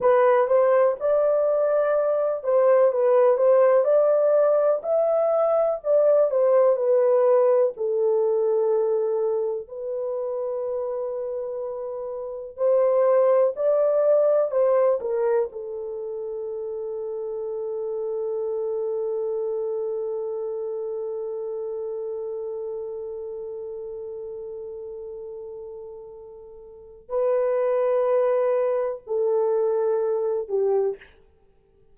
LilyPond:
\new Staff \with { instrumentName = "horn" } { \time 4/4 \tempo 4 = 62 b'8 c''8 d''4. c''8 b'8 c''8 | d''4 e''4 d''8 c''8 b'4 | a'2 b'2~ | b'4 c''4 d''4 c''8 ais'8 |
a'1~ | a'1~ | a'1 | b'2 a'4. g'8 | }